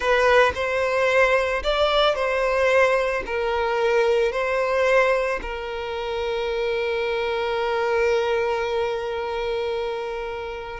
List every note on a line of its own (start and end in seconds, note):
0.00 0.52 B4
0.54 1.62 C5
1.63 2.15 D5
2.15 3.23 C5
3.26 4.31 A#4
4.31 5.40 C5
5.42 10.80 A#4